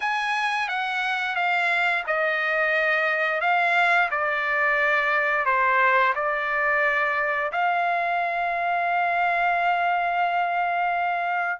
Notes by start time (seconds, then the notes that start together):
0.00 G#5
0.68 F#5
1.35 F5
2.06 D#5
3.41 F5
4.10 D5
5.45 C5
6.15 D5
7.52 F5